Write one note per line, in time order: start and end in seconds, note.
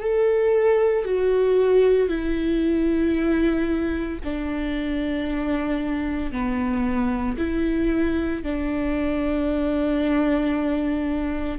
0.00 1.04 A4
1.04 2.08 F#4
2.08 4.19 E4
4.23 6.31 D4
6.31 7.36 B3
7.37 8.43 E4
8.43 11.59 D4